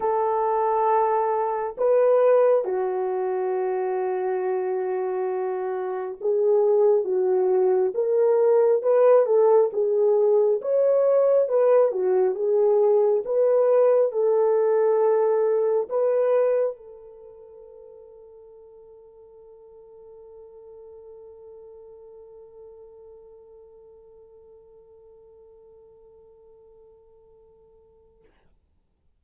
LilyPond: \new Staff \with { instrumentName = "horn" } { \time 4/4 \tempo 4 = 68 a'2 b'4 fis'4~ | fis'2. gis'4 | fis'4 ais'4 b'8 a'8 gis'4 | cis''4 b'8 fis'8 gis'4 b'4 |
a'2 b'4 a'4~ | a'1~ | a'1~ | a'1 | }